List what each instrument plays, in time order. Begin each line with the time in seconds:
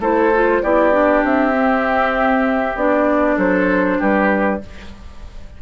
0.00 bassoon A3, clarinet E4, oboe A4, flute C5
0.35 clarinet F4
0.63 bassoon B3, clarinet E4, oboe G4, flute D5
0.92 clarinet D4
1.24 bassoon C4, flute E5
1.54 clarinet C4
2.76 bassoon B3, clarinet D4, flute D5
3.37 bassoon F#3, oboe A4, flute C5
3.99 bassoon G3, oboe G4, flute B4